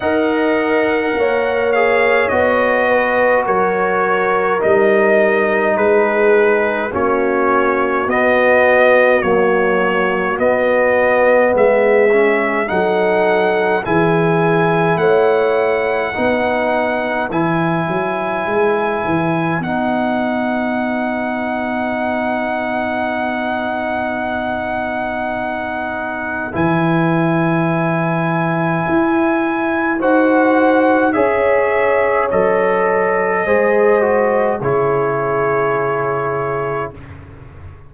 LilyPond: <<
  \new Staff \with { instrumentName = "trumpet" } { \time 4/4 \tempo 4 = 52 fis''4. f''8 dis''4 cis''4 | dis''4 b'4 cis''4 dis''4 | cis''4 dis''4 e''4 fis''4 | gis''4 fis''2 gis''4~ |
gis''4 fis''2.~ | fis''2. gis''4~ | gis''2 fis''4 e''4 | dis''2 cis''2 | }
  \new Staff \with { instrumentName = "horn" } { \time 4/4 dis''4 cis''4. b'8 ais'4~ | ais'4 gis'4 fis'2~ | fis'2 gis'4 a'4 | gis'4 cis''4 b'2~ |
b'1~ | b'1~ | b'2 c''4 cis''4~ | cis''4 c''4 gis'2 | }
  \new Staff \with { instrumentName = "trombone" } { \time 4/4 ais'4. gis'8 fis'2 | dis'2 cis'4 b4 | fis4 b4. cis'8 dis'4 | e'2 dis'4 e'4~ |
e'4 dis'2.~ | dis'2. e'4~ | e'2 fis'4 gis'4 | a'4 gis'8 fis'8 e'2 | }
  \new Staff \with { instrumentName = "tuba" } { \time 4/4 dis'4 ais4 b4 fis4 | g4 gis4 ais4 b4 | ais4 b4 gis4 fis4 | e4 a4 b4 e8 fis8 |
gis8 e8 b2.~ | b2. e4~ | e4 e'4 dis'4 cis'4 | fis4 gis4 cis2 | }
>>